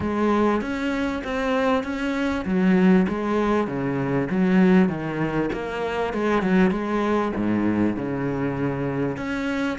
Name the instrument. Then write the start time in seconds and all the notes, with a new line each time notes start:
cello
0.00 G#3
0.61 C#4
1.24 C4
1.83 C#4
2.45 F#3
3.08 G#3
3.67 C#3
4.30 F#3
4.88 D#3
5.52 A#3
6.13 G#3
6.42 F#3
6.70 G#3
7.36 G#2
7.96 C#3
9.16 C#4